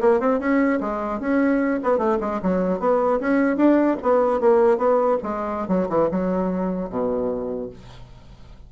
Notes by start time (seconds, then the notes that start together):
0.00 A#3
0.20 C4
0.39 C#4
0.80 G#3
1.20 C#4
1.83 B3
1.98 A3
2.20 G#3
2.42 F#3
2.79 B3
3.20 C#4
3.57 D4
4.02 B3
4.40 A#3
4.77 B3
5.23 G#3
5.68 F#3
5.89 E3
6.11 F#3
6.89 B2